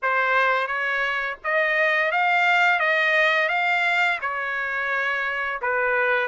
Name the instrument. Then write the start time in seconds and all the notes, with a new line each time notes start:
trumpet
0.02 C5
0.67 C#5
1.44 D#5
2.11 F5
2.79 D#5
3.49 F5
4.21 C#5
5.61 B4